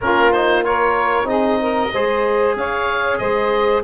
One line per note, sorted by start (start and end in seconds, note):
0.00 1.23 A#3
0.00 0.32 C#4
0.00 0.65 F4
0.00 0.32 A#4
0.32 0.63 D#4
0.32 0.64 C5
0.63 1.24 F4
0.63 1.27 A#4
0.63 1.28 C#5
1.23 1.87 C4
1.23 1.88 D#4
1.23 1.59 G#4
1.23 2.56 D#5
1.61 1.93 A#4
1.93 2.55 G#3
1.93 3.84 G#4
1.93 2.56 C5
2.55 3.19 C#4
2.55 3.19 C#5
2.55 3.18 F5
3.18 3.83 G#3
3.18 3.83 C5
3.18 3.82 D#5